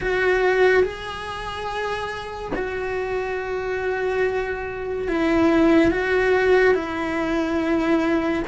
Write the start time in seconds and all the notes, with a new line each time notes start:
0.00 F#4
0.83 G#4
2.55 F#4
5.07 E4
5.91 F#4
6.74 E4